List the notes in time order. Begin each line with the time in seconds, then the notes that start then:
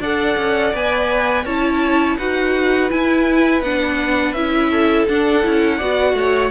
0.00 D4 A4 D5 F#5
0.37 C#4
0.74 B3 B4 G#5
1.45 C#4 E4 C#5 A5
2.18 D#4 F#4 B4 F#5
2.90 E4 G#5
3.62 B3 D4 F#5
4.33 C#4 E4 E5
4.70 A4
5.08 D4 F#5
5.44 C#4 E4
5.78 B3 F#4 D5
6.14 A3 C#5